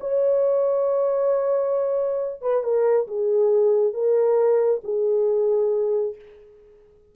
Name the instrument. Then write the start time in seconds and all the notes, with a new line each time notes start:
horn
0.00 C#5
2.41 B4
2.63 A#4
3.07 G#4
3.93 A#4
4.84 G#4